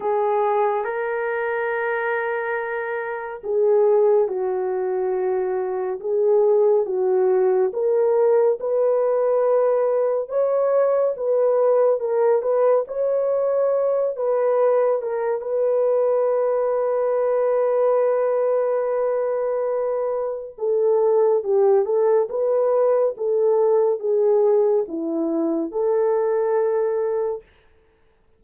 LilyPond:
\new Staff \with { instrumentName = "horn" } { \time 4/4 \tempo 4 = 70 gis'4 ais'2. | gis'4 fis'2 gis'4 | fis'4 ais'4 b'2 | cis''4 b'4 ais'8 b'8 cis''4~ |
cis''8 b'4 ais'8 b'2~ | b'1 | a'4 g'8 a'8 b'4 a'4 | gis'4 e'4 a'2 | }